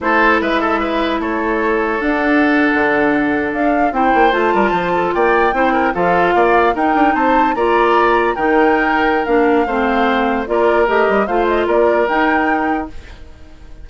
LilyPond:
<<
  \new Staff \with { instrumentName = "flute" } { \time 4/4 \tempo 4 = 149 c''4 e''2 cis''4~ | cis''4 fis''2.~ | fis''8. f''4 g''4 a''4~ a''16~ | a''8. g''2 f''4~ f''16~ |
f''8. g''4 a''4 ais''4~ ais''16~ | ais''8. g''2~ g''16 f''4~ | f''2 d''4 dis''4 | f''8 dis''8 d''4 g''2 | }
  \new Staff \with { instrumentName = "oboe" } { \time 4/4 a'4 b'8 a'8 b'4 a'4~ | a'1~ | a'4.~ a'16 c''4. ais'8 c''16~ | c''16 a'8 d''4 c''8 ais'8 a'4 d''16~ |
d''8. ais'4 c''4 d''4~ d''16~ | d''8. ais'2.~ ais'16 | c''2 ais'2 | c''4 ais'2. | }
  \new Staff \with { instrumentName = "clarinet" } { \time 4/4 e'1~ | e'4 d'2.~ | d'4.~ d'16 e'4 f'4~ f'16~ | f'4.~ f'16 e'4 f'4~ f'16~ |
f'8. dis'2 f'4~ f'16~ | f'8. dis'2~ dis'16 d'4 | c'2 f'4 g'4 | f'2 dis'2 | }
  \new Staff \with { instrumentName = "bassoon" } { \time 4/4 a4 gis2 a4~ | a4 d'4.~ d'16 d4~ d16~ | d8. d'4 c'8 ais8 a8 g8 f16~ | f8. ais4 c'4 f4 ais16~ |
ais8. dis'8 d'8 c'4 ais4~ ais16~ | ais8. dis2~ dis16 ais4 | a2 ais4 a8 g8 | a4 ais4 dis'2 | }
>>